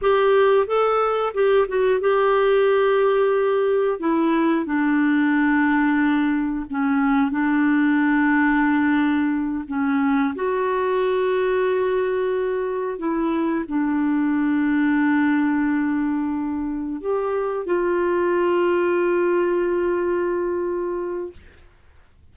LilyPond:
\new Staff \with { instrumentName = "clarinet" } { \time 4/4 \tempo 4 = 90 g'4 a'4 g'8 fis'8 g'4~ | g'2 e'4 d'4~ | d'2 cis'4 d'4~ | d'2~ d'8 cis'4 fis'8~ |
fis'2.~ fis'8 e'8~ | e'8 d'2.~ d'8~ | d'4. g'4 f'4.~ | f'1 | }